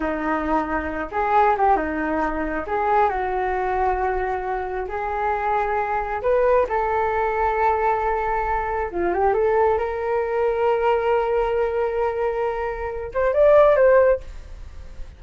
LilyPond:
\new Staff \with { instrumentName = "flute" } { \time 4/4 \tempo 4 = 135 dis'2~ dis'8 gis'4 g'8 | dis'2 gis'4 fis'4~ | fis'2. gis'4~ | gis'2 b'4 a'4~ |
a'1 | f'8 g'8 a'4 ais'2~ | ais'1~ | ais'4. c''8 d''4 c''4 | }